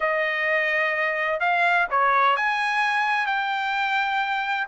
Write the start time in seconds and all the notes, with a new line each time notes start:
0.00 D#5
1.40 F5
1.90 C#5
2.36 G#5
3.26 G5